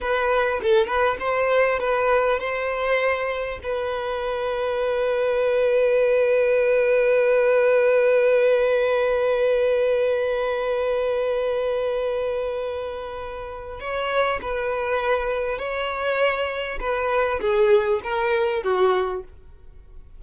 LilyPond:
\new Staff \with { instrumentName = "violin" } { \time 4/4 \tempo 4 = 100 b'4 a'8 b'8 c''4 b'4 | c''2 b'2~ | b'1~ | b'1~ |
b'1~ | b'2. cis''4 | b'2 cis''2 | b'4 gis'4 ais'4 fis'4 | }